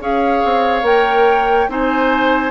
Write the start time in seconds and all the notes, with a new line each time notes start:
0.00 C#4 G#4 C#5 F5
0.45 C4
0.83 A#3 A#4 G5
1.68 C4 D#4 C5 G#5